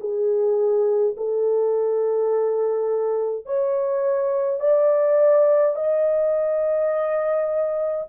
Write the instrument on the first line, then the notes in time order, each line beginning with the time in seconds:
horn
0.00 G#4
1.17 A4
3.46 C#5
4.60 D5
5.76 D#5